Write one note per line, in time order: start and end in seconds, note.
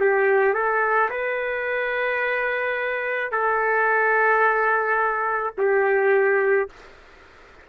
0.00 0.54 G4
0.54 1.10 A4
1.10 3.31 B4
3.31 5.54 A4
5.58 6.69 G4